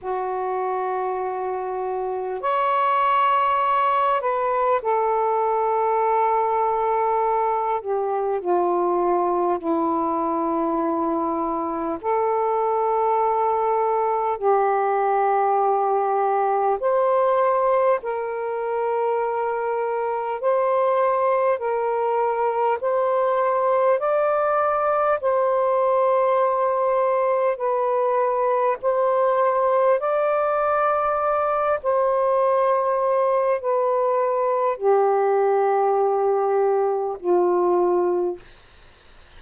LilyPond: \new Staff \with { instrumentName = "saxophone" } { \time 4/4 \tempo 4 = 50 fis'2 cis''4. b'8 | a'2~ a'8 g'8 f'4 | e'2 a'2 | g'2 c''4 ais'4~ |
ais'4 c''4 ais'4 c''4 | d''4 c''2 b'4 | c''4 d''4. c''4. | b'4 g'2 f'4 | }